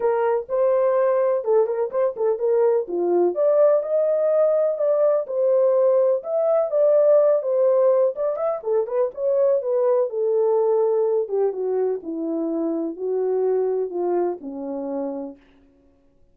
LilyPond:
\new Staff \with { instrumentName = "horn" } { \time 4/4 \tempo 4 = 125 ais'4 c''2 a'8 ais'8 | c''8 a'8 ais'4 f'4 d''4 | dis''2 d''4 c''4~ | c''4 e''4 d''4. c''8~ |
c''4 d''8 e''8 a'8 b'8 cis''4 | b'4 a'2~ a'8 g'8 | fis'4 e'2 fis'4~ | fis'4 f'4 cis'2 | }